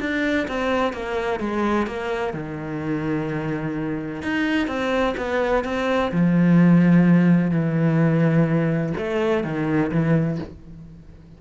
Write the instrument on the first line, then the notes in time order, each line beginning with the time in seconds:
cello
0.00 D4
0.48 C4
0.93 A#3
1.40 G#3
1.87 A#3
2.34 D#3
4.22 D#4
4.68 C4
5.17 B3
5.64 C4
6.12 F3
7.51 E3
8.98 A3
9.44 D#3
9.92 E3